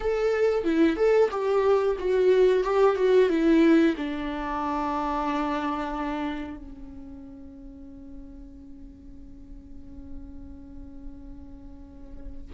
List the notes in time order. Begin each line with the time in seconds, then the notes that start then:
0.00 A4
0.64 E4
0.96 A4
1.30 G4
1.98 F#4
2.63 G4
2.96 F#4
3.29 E4
3.96 D4
6.57 C#4